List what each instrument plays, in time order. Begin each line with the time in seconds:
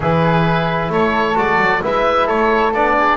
0.00 double bass E3, trombone E4, flute G#4, oboe B4
0.89 double bass A3, flute A4, oboe C#5
1.35 double bass G#3, trombone F#4, oboe D5
1.58 double bass F#3
1.81 double bass G#3, trombone E4, flute B4, oboe E5
2.26 double bass A3, flute A4, oboe C#5
2.73 double bass B3, trombone D4, oboe D5
2.97 flute G#4